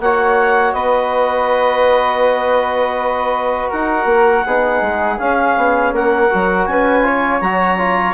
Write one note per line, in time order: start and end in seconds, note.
0.00 0.73 A#3
0.00 4.48 F#4
0.00 0.75 C#5
0.00 0.73 F#5
0.73 3.70 B3
0.73 3.70 B4
0.73 3.69 D#5
3.70 4.05 D#4
3.70 4.44 A#4
3.70 5.19 F#5
4.05 4.42 A#3
4.46 4.81 B3
4.46 5.18 D#4
4.46 5.94 G#4
4.81 5.18 G#3
5.18 6.29 C#4
5.18 5.57 C#4
5.18 5.93 F5
5.57 5.92 B3
5.92 6.29 A#3
5.92 6.68 A#4
5.92 6.66 F#5
6.30 6.67 F#3
6.30 7.02 F#4
6.66 7.41 C#4
6.66 7.05 B4
6.66 7.40 G#5
7.02 7.40 F4
7.02 8.14 C#5
7.40 8.14 F#3
7.40 7.78 F#4
7.40 8.14 A#5
7.78 8.14 F4